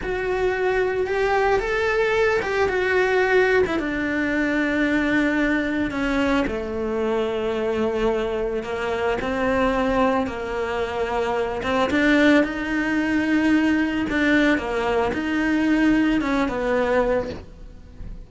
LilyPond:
\new Staff \with { instrumentName = "cello" } { \time 4/4 \tempo 4 = 111 fis'2 g'4 a'4~ | a'8 g'8 fis'4.~ fis'16 e'16 d'4~ | d'2. cis'4 | a1 |
ais4 c'2 ais4~ | ais4. c'8 d'4 dis'4~ | dis'2 d'4 ais4 | dis'2 cis'8 b4. | }